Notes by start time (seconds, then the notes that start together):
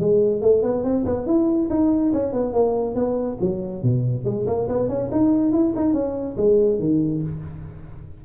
0.00 G#3
0.42 A3
0.63 B3
0.84 C4
1.06 B3
1.26 E4
1.70 D#4
2.13 C#4
2.33 B3
2.53 A#3
2.96 B3
3.41 F#3
3.83 B2
4.25 G#3
4.47 A#3
4.69 B3
4.89 C#4
5.12 D#4
5.52 E4
5.76 D#4
5.94 C#4
6.37 G#3
6.80 D#3